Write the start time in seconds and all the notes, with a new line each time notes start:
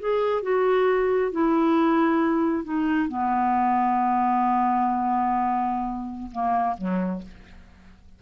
0.00 G#4
0.43 F#4
1.32 E4
2.64 D#4
3.09 B3
6.32 A#3
6.78 F#3